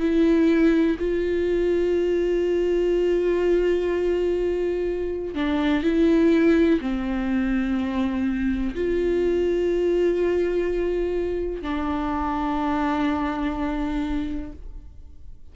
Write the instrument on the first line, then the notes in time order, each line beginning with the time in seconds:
viola
0.00 E4
0.99 F4
5.34 D4
5.83 E4
6.81 C4
8.75 F4
11.62 D4